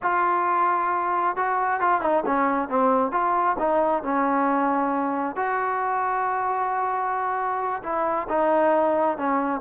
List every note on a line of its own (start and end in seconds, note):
0.02 1.36 F4
1.36 1.80 F#4
1.80 2.01 F4
2.01 2.23 D#4
2.26 2.68 C#4
2.68 3.11 C4
3.11 3.56 F4
3.58 4.03 D#4
4.03 5.35 C#4
5.35 7.82 F#4
7.82 8.27 E4
8.28 9.17 D#4
9.17 9.60 C#4